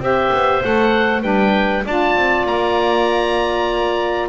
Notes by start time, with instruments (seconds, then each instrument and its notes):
0.00 double bass C4, saxophone G4, clarinet C5, oboe E5
0.32 double bass B3
0.64 double bass A3, saxophone A4, oboe F#5
1.22 double bass G3, saxophone D4, clarinet B4, oboe G5
1.85 double bass D4, saxophone F4, clarinet D5, oboe A5
2.16 double bass C4
2.46 double bass A#3, oboe A#5